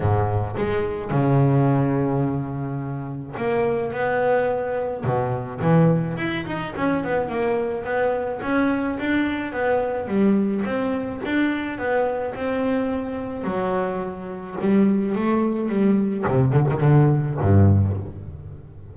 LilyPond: \new Staff \with { instrumentName = "double bass" } { \time 4/4 \tempo 4 = 107 gis,4 gis4 cis2~ | cis2 ais4 b4~ | b4 b,4 e4 e'8 dis'8 | cis'8 b8 ais4 b4 cis'4 |
d'4 b4 g4 c'4 | d'4 b4 c'2 | fis2 g4 a4 | g4 c8 d16 dis16 d4 g,4 | }